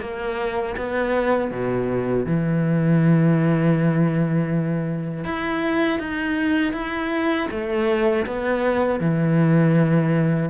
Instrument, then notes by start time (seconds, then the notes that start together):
cello
0.00 A#3
0.76 B3
1.50 B2
2.25 E3
5.24 E4
5.99 D#4
6.73 E4
7.50 A3
8.26 B3
9.00 E3